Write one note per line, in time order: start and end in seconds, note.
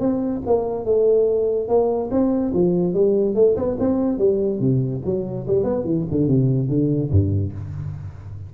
0.00 0.42 C4
0.46 0.85 A#3
0.85 1.68 A3
1.68 2.10 A#3
2.11 2.53 C4
2.54 2.94 F3
2.94 3.35 G3
3.35 3.56 A3
3.56 3.77 B3
3.80 4.18 C4
4.18 4.60 G3
4.60 5.02 C3
5.05 5.47 F#3
5.48 5.64 G3
5.64 5.84 B3
5.84 6.05 E3
6.11 6.27 D3
6.27 6.69 C3
6.69 7.10 D3
7.11 7.53 G2